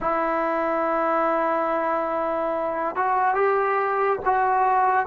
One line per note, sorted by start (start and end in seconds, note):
0.00 2.95 E4
2.95 3.34 F#4
3.34 4.19 G4
4.25 5.06 F#4